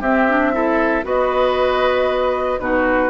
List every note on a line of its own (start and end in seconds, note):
0.00 1.04 C4
0.00 0.28 C4
0.00 0.52 G4
0.00 1.05 E5
0.29 0.53 D4
0.53 1.03 E4
0.53 1.05 A4
1.03 2.59 B3
1.03 2.58 F#4
1.03 2.60 B4
1.03 2.59 D#5
2.59 3.10 B2
2.59 3.10 D#4
2.59 3.10 F#4
2.59 3.10 B4